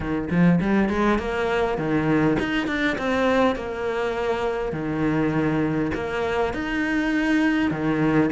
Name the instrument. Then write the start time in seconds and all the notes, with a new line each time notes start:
cello
0.00 D#3
0.30 F3
0.60 G3
0.89 G#3
1.19 A#3
1.78 D#3
2.39 D#4
2.67 D4
2.97 C4
3.55 A#3
4.72 D#3
5.94 A#3
6.53 D#4
7.70 D#3